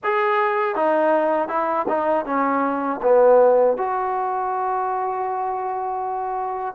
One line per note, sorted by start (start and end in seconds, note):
0.03 0.75 G#4
0.75 1.48 D#4
1.48 1.86 E4
1.88 2.25 D#4
2.25 3.00 C#4
3.02 3.77 B3
3.77 6.75 F#4